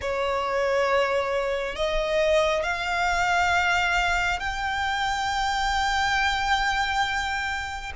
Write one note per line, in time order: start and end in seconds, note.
0.01 1.75 C#5
1.75 2.63 D#5
2.63 4.39 F5
4.39 7.92 G5